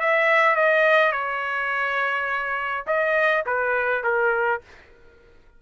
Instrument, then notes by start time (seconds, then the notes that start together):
trumpet
0.00 E5
0.55 D#5
1.12 C#5
2.87 D#5
3.46 B4
4.04 A#4